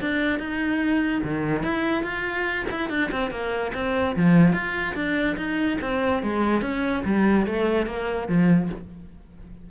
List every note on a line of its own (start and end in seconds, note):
0.00 0.39 D4
0.39 1.22 D#4
1.23 1.63 D#3
1.63 2.03 E4
2.03 2.65 F4
2.70 2.89 E4
2.89 3.10 D4
3.11 3.30 C4
3.30 3.72 A#3
3.74 4.15 C4
4.16 4.53 F3
4.53 4.94 F4
4.95 5.36 D4
5.36 5.78 D#4
5.81 6.22 C4
6.23 6.61 G#3
6.61 7.03 C#4
7.05 7.46 G3
7.46 7.86 A3
7.86 8.28 A#3
8.28 8.69 F3